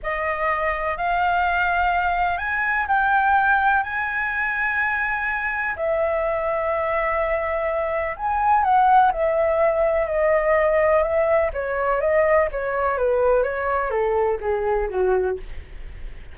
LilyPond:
\new Staff \with { instrumentName = "flute" } { \time 4/4 \tempo 4 = 125 dis''2 f''2~ | f''4 gis''4 g''2 | gis''1 | e''1~ |
e''4 gis''4 fis''4 e''4~ | e''4 dis''2 e''4 | cis''4 dis''4 cis''4 b'4 | cis''4 a'4 gis'4 fis'4 | }